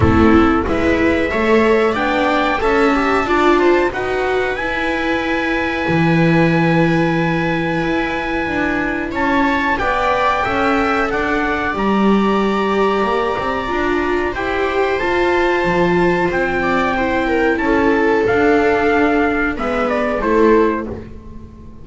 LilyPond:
<<
  \new Staff \with { instrumentName = "trumpet" } { \time 4/4 \tempo 4 = 92 a'4 e''2 g''4 | a''2 fis''4 gis''4~ | gis''1~ | gis''2 a''4 g''4~ |
g''4 fis''4 ais''2~ | ais''2 g''4 a''4~ | a''4 g''2 a''4 | f''2 e''8 d''8 c''4 | }
  \new Staff \with { instrumentName = "viola" } { \time 4/4 e'4 b'4 cis''4 d''4 | e''4 d''8 c''8 b'2~ | b'1~ | b'2 cis''4 d''4 |
e''4 d''2.~ | d''2 c''2~ | c''4. d''8 c''8 ais'8 a'4~ | a'2 b'4 a'4 | }
  \new Staff \with { instrumentName = "viola" } { \time 4/4 c'4 e'4 a'4 d'4 | a'8 g'8 f'4 fis'4 e'4~ | e'1~ | e'2. b'4 |
a'2 g'2~ | g'4 f'4 g'4 f'4~ | f'2 e'2 | d'2 b4 e'4 | }
  \new Staff \with { instrumentName = "double bass" } { \time 4/4 a4 gis4 a4 b4 | cis'4 d'4 dis'4 e'4~ | e'4 e2. | e'4 d'4 cis'4 b4 |
cis'4 d'4 g2 | ais8 c'8 d'4 e'4 f'4 | f4 c'2 cis'4 | d'2 gis4 a4 | }
>>